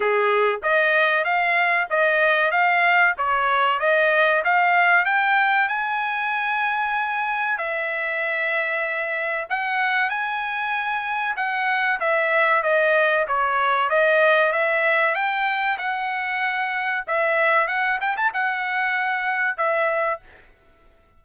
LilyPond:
\new Staff \with { instrumentName = "trumpet" } { \time 4/4 \tempo 4 = 95 gis'4 dis''4 f''4 dis''4 | f''4 cis''4 dis''4 f''4 | g''4 gis''2. | e''2. fis''4 |
gis''2 fis''4 e''4 | dis''4 cis''4 dis''4 e''4 | g''4 fis''2 e''4 | fis''8 g''16 a''16 fis''2 e''4 | }